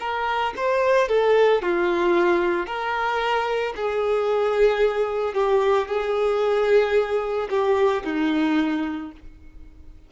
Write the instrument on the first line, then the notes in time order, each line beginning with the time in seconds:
violin
0.00 A#4
0.56 C5
1.08 A4
1.62 F4
2.66 A#4
3.76 G#4
5.34 G4
5.87 G#4
7.50 G4
8.04 D#4